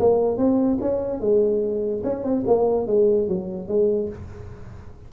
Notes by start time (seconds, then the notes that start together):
0.00 A#3
0.37 C4
0.81 C#4
1.21 G#3
2.04 C#4
2.24 C4
2.47 A#3
2.87 G#3
3.29 F#3
3.68 G#3